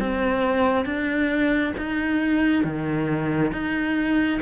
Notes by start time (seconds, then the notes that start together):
0.00 C4
0.86 D4
1.78 D#4
2.65 D#3
3.53 D#4